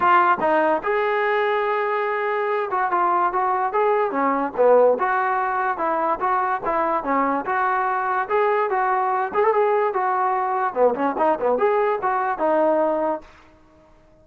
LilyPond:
\new Staff \with { instrumentName = "trombone" } { \time 4/4 \tempo 4 = 145 f'4 dis'4 gis'2~ | gis'2~ gis'8 fis'8 f'4 | fis'4 gis'4 cis'4 b4 | fis'2 e'4 fis'4 |
e'4 cis'4 fis'2 | gis'4 fis'4. gis'16 a'16 gis'4 | fis'2 b8 cis'8 dis'8 b8 | gis'4 fis'4 dis'2 | }